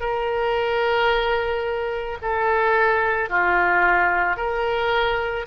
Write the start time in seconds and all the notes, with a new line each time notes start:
0.00 A#4
2.22 A4
3.29 F4
4.37 A#4